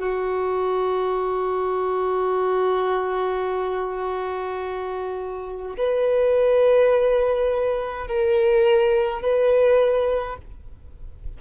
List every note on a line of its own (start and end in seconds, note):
0.00 5.77 F#4
5.77 8.08 B4
8.08 9.22 A#4
9.22 10.37 B4